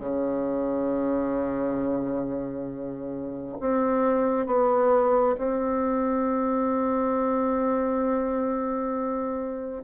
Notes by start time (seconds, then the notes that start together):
0.00 C#3
3.61 C4
4.47 B3
5.38 C4